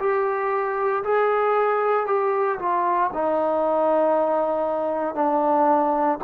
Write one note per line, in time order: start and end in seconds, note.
0.00 1.03 G4
1.04 2.07 G#4
2.07 2.59 G4
2.59 3.11 F4
3.14 5.15 D#4
5.15 6.19 D4